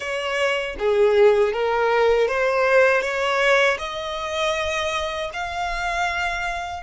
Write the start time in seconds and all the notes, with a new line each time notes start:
0.00 C#5
0.78 G#4
1.53 A#4
2.28 C5
3.01 C#5
3.78 D#5
5.33 F5